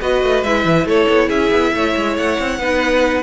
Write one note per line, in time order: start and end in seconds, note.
0.00 0.23 B3
0.00 0.44 F#4
0.00 0.87 B4
0.00 0.43 D#5
0.23 0.43 A3
0.43 0.64 G#3
0.43 2.61 E4
0.43 0.87 E5
0.64 0.84 E3
0.84 1.06 A3
0.84 1.28 A4
0.84 1.29 C#5
1.08 1.29 B3
1.28 1.51 C#4
1.28 1.71 G#4
1.28 2.16 E5
1.51 1.72 B3
1.73 1.95 A3
1.73 2.59 C#5
1.96 2.17 G#3
2.17 2.38 A3
2.17 3.23 F#5
2.39 2.58 C4
2.58 3.23 B3
2.58 3.23 D#4
2.58 3.23 B4